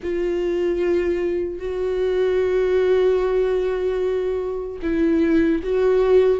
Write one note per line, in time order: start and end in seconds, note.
0.02 1.59 F4
1.59 4.79 F#4
4.82 5.62 E4
5.63 6.40 F#4